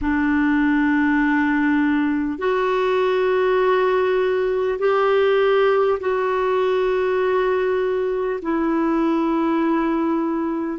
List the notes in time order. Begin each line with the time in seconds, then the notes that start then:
0.01 D4
2.38 F#4
4.78 G4
5.99 F#4
8.42 E4